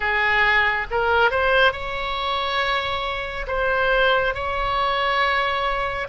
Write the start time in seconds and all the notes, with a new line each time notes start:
0.00 G#4
0.90 A#4
1.30 C5
1.72 C#5
3.47 C5
4.34 C#5